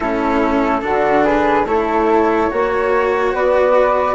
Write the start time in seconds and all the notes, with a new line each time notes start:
0.00 A3 C#4 E4 A4
0.81 D3 D4 F#4
1.24 G#4 B4
1.65 A3 E4 A4 C#5
2.50 A#3 F#4 C#5
3.33 B3 B4 D5